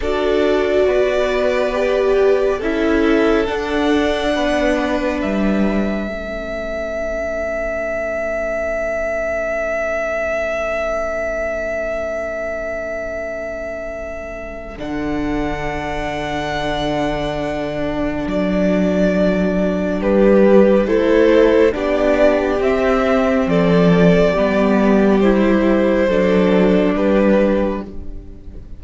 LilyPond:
<<
  \new Staff \with { instrumentName = "violin" } { \time 4/4 \tempo 4 = 69 d''2. e''4 | fis''2 e''2~ | e''1~ | e''1~ |
e''4 fis''2.~ | fis''4 d''2 b'4 | c''4 d''4 e''4 d''4~ | d''4 c''2 b'4 | }
  \new Staff \with { instrumentName = "violin" } { \time 4/4 a'4 b'2 a'4~ | a'4 b'2 a'4~ | a'1~ | a'1~ |
a'1~ | a'2. g'4 | a'4 g'2 a'4 | g'2 a'4 g'4 | }
  \new Staff \with { instrumentName = "viola" } { \time 4/4 fis'2 g'4 e'4 | d'2. cis'4~ | cis'1~ | cis'1~ |
cis'4 d'2.~ | d'1 | e'4 d'4 c'2 | b4 e'4 d'2 | }
  \new Staff \with { instrumentName = "cello" } { \time 4/4 d'4 b2 cis'4 | d'4 b4 g4 a4~ | a1~ | a1~ |
a4 d2.~ | d4 fis2 g4 | a4 b4 c'4 f4 | g2 fis4 g4 | }
>>